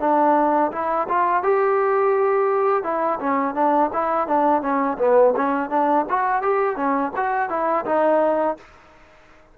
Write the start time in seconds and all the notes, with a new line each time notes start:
0.00 D4
0.72 E4
1.09 F4
1.43 G4
2.83 E4
3.19 C#4
3.55 D4
3.93 E4
4.28 D4
4.62 C#4
4.98 B3
5.36 C#4
5.70 D4
6.09 F#4
6.43 G4
6.76 C#4
7.16 F#4
7.49 E4
7.86 D#4